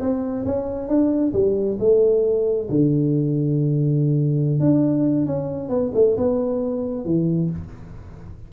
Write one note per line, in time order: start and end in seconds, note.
0.00 0.45 C4
0.46 0.88 C#4
0.88 1.32 D4
1.33 1.78 G3
1.79 2.69 A3
2.69 4.60 D3
4.60 5.26 D4
5.26 5.69 C#4
5.69 5.91 B3
5.94 6.16 A3
6.17 7.05 B3
7.05 7.50 E3